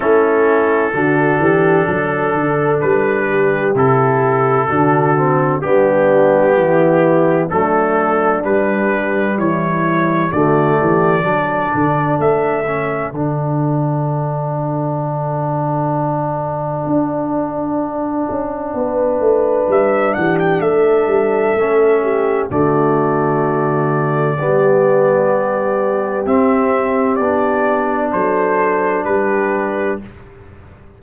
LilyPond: <<
  \new Staff \with { instrumentName = "trumpet" } { \time 4/4 \tempo 4 = 64 a'2. b'4 | a'2 g'2 | a'4 b'4 cis''4 d''4~ | d''4 e''4 fis''2~ |
fis''1~ | fis''4 e''8 fis''16 g''16 e''2 | d''1 | e''4 d''4 c''4 b'4 | }
  \new Staff \with { instrumentName = "horn" } { \time 4/4 e'4 fis'8 g'8 a'4. g'8~ | g'4 fis'4 d'4 e'4 | d'2 e'4 fis'8 g'8 | a'1~ |
a'1 | b'4. g'8 a'4. g'8 | fis'2 g'2~ | g'2 a'4 g'4 | }
  \new Staff \with { instrumentName = "trombone" } { \time 4/4 cis'4 d'2. | e'4 d'8 c'8 b2 | a4 g2 a4 | d'4. cis'8 d'2~ |
d'1~ | d'2. cis'4 | a2 b2 | c'4 d'2. | }
  \new Staff \with { instrumentName = "tuba" } { \time 4/4 a4 d8 e8 fis8 d8 g4 | c4 d4 g4 e4 | fis4 g4 e4 d8 e8 | fis8 d8 a4 d2~ |
d2 d'4. cis'8 | b8 a8 g8 e8 a8 g8 a4 | d2 g2 | c'4 b4 fis4 g4 | }
>>